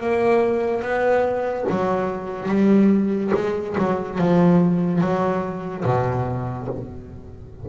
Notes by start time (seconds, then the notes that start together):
0.00 A#3
0.82 B3
1.70 F#3
2.49 G3
3.34 G#3
3.78 F#3
4.18 F3
5.01 F#3
5.85 B2